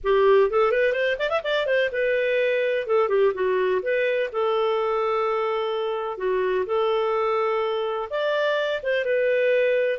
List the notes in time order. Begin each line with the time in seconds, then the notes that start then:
0.03 G4
0.50 A4
0.71 B4
0.92 C5
1.19 D5
1.29 E5
1.43 D5
1.66 C5
1.92 B4
2.87 A4
3.08 G4
3.33 F#4
3.82 B4
4.32 A4
6.17 F#4
6.66 A4
8.10 D5
8.82 C5
9.04 B4